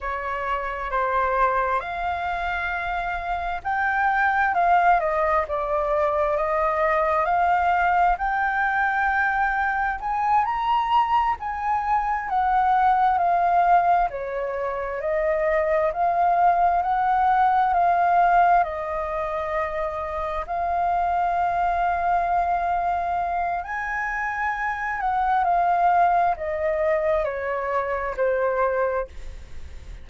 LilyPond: \new Staff \with { instrumentName = "flute" } { \time 4/4 \tempo 4 = 66 cis''4 c''4 f''2 | g''4 f''8 dis''8 d''4 dis''4 | f''4 g''2 gis''8 ais''8~ | ais''8 gis''4 fis''4 f''4 cis''8~ |
cis''8 dis''4 f''4 fis''4 f''8~ | f''8 dis''2 f''4.~ | f''2 gis''4. fis''8 | f''4 dis''4 cis''4 c''4 | }